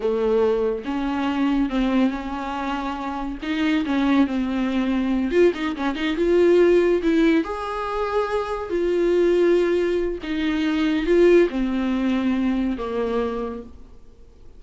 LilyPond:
\new Staff \with { instrumentName = "viola" } { \time 4/4 \tempo 4 = 141 a2 cis'2 | c'4 cis'2. | dis'4 cis'4 c'2~ | c'8 f'8 dis'8 cis'8 dis'8 f'4.~ |
f'8 e'4 gis'2~ gis'8~ | gis'8 f'2.~ f'8 | dis'2 f'4 c'4~ | c'2 ais2 | }